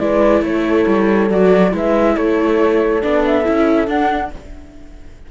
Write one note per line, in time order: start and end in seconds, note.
0.00 0.42 G#3
0.00 1.30 E4
0.00 0.43 B4
0.00 0.43 D5
0.42 0.85 A3
0.42 1.73 A4
0.42 1.31 C#5
0.88 1.30 G3
1.30 1.74 F#3
1.30 1.72 F#4
1.30 1.74 D5
1.72 2.17 G#3
1.72 3.01 E4
1.72 2.16 B4
1.72 2.17 E5
2.16 3.04 A3
2.16 4.32 A4
2.16 3.03 C#5
3.03 3.48 B3
3.03 3.45 D4
3.03 3.24 D5
3.26 3.89 E5
3.45 3.88 C#4
3.45 3.88 E4
3.88 4.31 D4
3.88 4.32 F#5